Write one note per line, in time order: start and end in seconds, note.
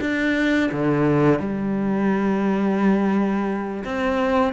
0.00 0.70 D4
0.71 1.39 D3
1.39 3.83 G3
3.84 4.53 C4